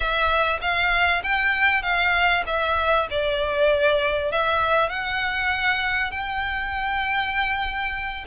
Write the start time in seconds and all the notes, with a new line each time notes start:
0.00 E5
0.61 F5
1.23 G5
1.82 F5
2.46 E5
3.10 D5
4.31 E5
4.89 F#5
6.11 G5